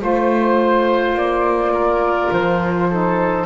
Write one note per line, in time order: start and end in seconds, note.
0.00 1.14 A3
0.00 2.88 F4
0.00 1.72 C5
0.00 1.17 C5
1.14 2.29 A#3
1.14 2.32 D5
1.72 2.87 A#4
2.31 3.45 F3
2.31 3.45 C5
2.90 3.45 D#4
2.90 3.45 A4